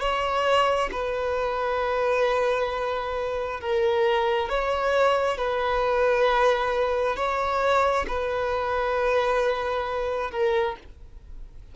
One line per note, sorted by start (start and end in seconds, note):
0.00 0.90 C#5
0.92 3.61 B4
3.61 4.49 A#4
4.49 5.38 C#5
5.38 7.16 B4
7.16 8.06 C#5
8.08 10.31 B4
10.31 10.76 A#4